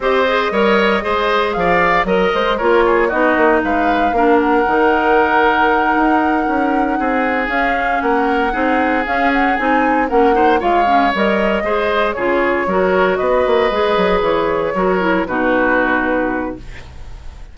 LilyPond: <<
  \new Staff \with { instrumentName = "flute" } { \time 4/4 \tempo 4 = 116 dis''2. f''4 | ais'8 c''8 cis''4 dis''4 f''4~ | f''8 fis''2.~ fis''8~ | fis''2~ fis''8 f''4 fis''8~ |
fis''4. f''8 fis''8 gis''4 fis''8~ | fis''8 f''4 dis''2 cis''8~ | cis''4. dis''2 cis''8~ | cis''4. b'2~ b'8 | }
  \new Staff \with { instrumentName = "oboe" } { \time 4/4 c''4 cis''4 c''4 d''4 | dis''4 ais'8 gis'8 fis'4 b'4 | ais'1~ | ais'4. gis'2 ais'8~ |
ais'8 gis'2. ais'8 | c''8 cis''2 c''4 gis'8~ | gis'8 ais'4 b'2~ b'8~ | b'8 ais'4 fis'2~ fis'8 | }
  \new Staff \with { instrumentName = "clarinet" } { \time 4/4 g'8 gis'8 ais'4 gis'2 | ais'4 f'4 dis'2 | d'4 dis'2.~ | dis'2~ dis'8 cis'4.~ |
cis'8 dis'4 cis'4 dis'4 cis'8 | dis'8 f'8 cis'8 ais'4 gis'4 f'8~ | f'8 fis'2 gis'4.~ | gis'8 fis'8 e'8 dis'2~ dis'8 | }
  \new Staff \with { instrumentName = "bassoon" } { \time 4/4 c'4 g4 gis4 f4 | fis8 gis8 ais4 b8 ais8 gis4 | ais4 dis2~ dis8 dis'8~ | dis'8 cis'4 c'4 cis'4 ais8~ |
ais8 c'4 cis'4 c'4 ais8~ | ais8 gis4 g4 gis4 cis8~ | cis8 fis4 b8 ais8 gis8 fis8 e8~ | e8 fis4 b,2~ b,8 | }
>>